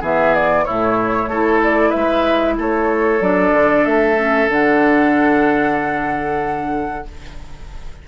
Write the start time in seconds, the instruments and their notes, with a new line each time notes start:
0.00 bassoon E3, clarinet B3, oboe G#4, flute E5
0.34 flute D5
0.64 bassoon A2, clarinet A3, oboe E4, flute C#5
1.27 bassoon A3, clarinet E4, oboe A4
1.63 flute D5
1.90 bassoon G#3, oboe B4, flute E5
2.57 bassoon A3, oboe A4, flute C#5
3.20 bassoon F#3, clarinet D4, flute D5
3.52 bassoon D3
3.85 bassoon A3, flute E5
4.16 clarinet C#4
4.48 bassoon D3, clarinet D4, flute F#5